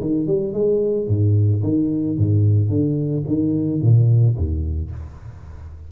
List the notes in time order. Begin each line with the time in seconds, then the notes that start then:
0.00 D#3
0.27 G3
0.53 G#3
1.07 G#2
1.63 D#3
2.17 G#2
2.69 D3
3.27 D#3
3.81 A#2
4.37 D#2